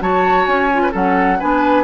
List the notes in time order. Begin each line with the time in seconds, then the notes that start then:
0.00 F#3 F#4 C#5 A5
0.45 C#4 G#5
0.73 F4
0.82 B4
0.91 F#3 C#4 A4 F#5
1.39 B3 D4 B4 G#5